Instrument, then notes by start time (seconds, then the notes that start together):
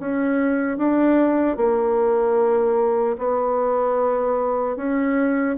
bassoon
0.00 C#4
0.78 D4
1.57 A#3
3.19 B3
4.77 C#4